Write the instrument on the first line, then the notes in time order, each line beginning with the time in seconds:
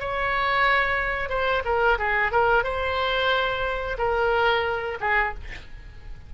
oboe
0.00 C#5
1.29 C5
1.65 A#4
1.98 G#4
2.32 A#4
2.64 C5
3.98 A#4
5.01 G#4